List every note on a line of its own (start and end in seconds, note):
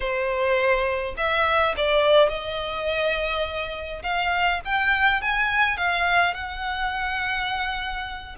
0.00 1.14 C5
1.17 1.75 E5
1.76 2.29 D5
2.29 4.02 D#5
4.02 4.60 F5
4.64 5.21 G5
5.21 5.77 G#5
5.77 6.33 F5
6.33 8.35 F#5